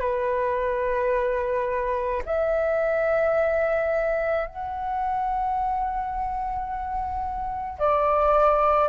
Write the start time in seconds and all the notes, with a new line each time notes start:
0.00 B4
2.25 E5
4.47 F#5
7.78 D5